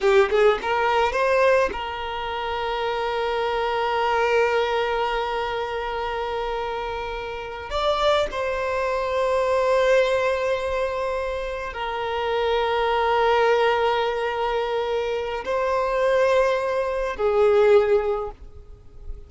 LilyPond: \new Staff \with { instrumentName = "violin" } { \time 4/4 \tempo 4 = 105 g'8 gis'8 ais'4 c''4 ais'4~ | ais'1~ | ais'1~ | ais'4. d''4 c''4.~ |
c''1~ | c''8 ais'2.~ ais'8~ | ais'2. c''4~ | c''2 gis'2 | }